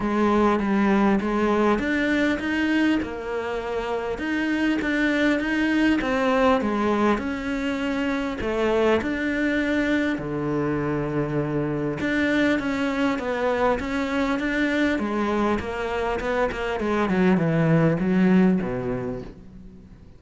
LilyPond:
\new Staff \with { instrumentName = "cello" } { \time 4/4 \tempo 4 = 100 gis4 g4 gis4 d'4 | dis'4 ais2 dis'4 | d'4 dis'4 c'4 gis4 | cis'2 a4 d'4~ |
d'4 d2. | d'4 cis'4 b4 cis'4 | d'4 gis4 ais4 b8 ais8 | gis8 fis8 e4 fis4 b,4 | }